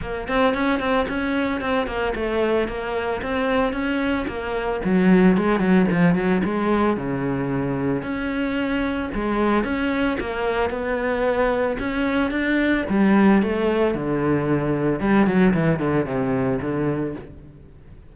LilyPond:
\new Staff \with { instrumentName = "cello" } { \time 4/4 \tempo 4 = 112 ais8 c'8 cis'8 c'8 cis'4 c'8 ais8 | a4 ais4 c'4 cis'4 | ais4 fis4 gis8 fis8 f8 fis8 | gis4 cis2 cis'4~ |
cis'4 gis4 cis'4 ais4 | b2 cis'4 d'4 | g4 a4 d2 | g8 fis8 e8 d8 c4 d4 | }